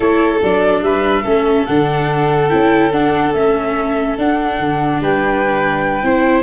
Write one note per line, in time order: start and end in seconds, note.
0.00 0.41 A3
0.00 0.39 E4
0.00 0.81 A4
0.00 0.41 C#5
0.42 0.82 F#3
0.42 1.24 D4
0.42 0.83 D5
0.82 1.23 G3
0.82 1.22 B4
0.82 1.66 E5
1.22 1.67 A3
1.22 1.66 C#4
1.22 4.97 A4
1.66 2.51 D3
1.66 2.49 D4
1.66 2.49 F#5
2.49 2.93 C#4
2.49 2.91 E4
2.49 2.91 G5
2.92 3.34 D4
2.92 3.33 D4
2.92 3.33 F#5
3.33 4.17 A3
3.33 4.18 C#4
3.33 4.17 E5
4.18 4.59 D4
4.18 6.03 D4
4.18 5.01 F#5
4.59 5.00 D3
5.00 6.03 G3
5.00 6.04 B4
5.00 6.42 G5
6.03 6.42 C4
6.03 6.42 E4
6.03 6.42 C5